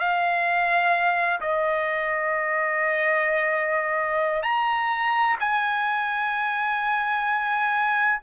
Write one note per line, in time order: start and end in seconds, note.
0.00 1.41 F5
1.41 4.43 D#5
4.43 5.37 A#5
5.40 8.21 G#5